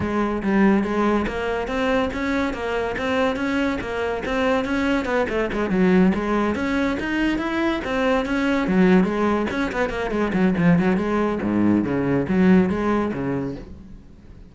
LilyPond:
\new Staff \with { instrumentName = "cello" } { \time 4/4 \tempo 4 = 142 gis4 g4 gis4 ais4 | c'4 cis'4 ais4 c'4 | cis'4 ais4 c'4 cis'4 | b8 a8 gis8 fis4 gis4 cis'8~ |
cis'8 dis'4 e'4 c'4 cis'8~ | cis'8 fis4 gis4 cis'8 b8 ais8 | gis8 fis8 f8 fis8 gis4 gis,4 | cis4 fis4 gis4 cis4 | }